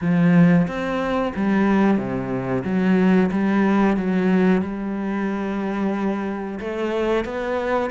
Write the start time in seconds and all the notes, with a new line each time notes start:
0.01 F3
0.67 C4
1.35 G3
1.98 C3
2.64 F#3
3.31 G3
3.97 F#3
4.61 G3
6.60 A3
7.24 B3